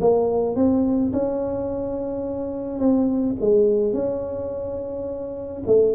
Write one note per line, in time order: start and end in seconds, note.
0.00 0.55 A#3
0.55 1.12 C4
1.12 2.79 C#4
2.79 3.35 C4
3.40 3.93 G#3
3.93 5.62 C#4
5.66 5.94 A3